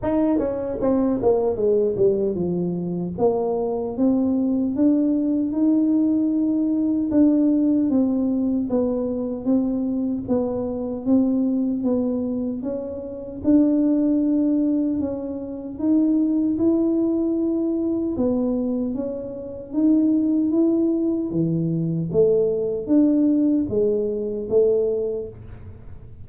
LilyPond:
\new Staff \with { instrumentName = "tuba" } { \time 4/4 \tempo 4 = 76 dis'8 cis'8 c'8 ais8 gis8 g8 f4 | ais4 c'4 d'4 dis'4~ | dis'4 d'4 c'4 b4 | c'4 b4 c'4 b4 |
cis'4 d'2 cis'4 | dis'4 e'2 b4 | cis'4 dis'4 e'4 e4 | a4 d'4 gis4 a4 | }